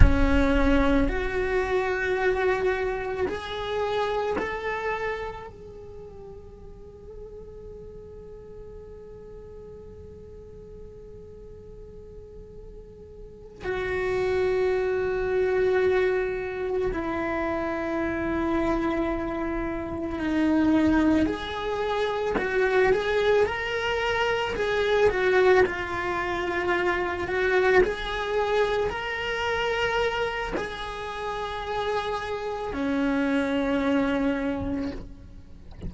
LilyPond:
\new Staff \with { instrumentName = "cello" } { \time 4/4 \tempo 4 = 55 cis'4 fis'2 gis'4 | a'4 gis'2.~ | gis'1~ | gis'8 fis'2. e'8~ |
e'2~ e'8 dis'4 gis'8~ | gis'8 fis'8 gis'8 ais'4 gis'8 fis'8 f'8~ | f'4 fis'8 gis'4 ais'4. | gis'2 cis'2 | }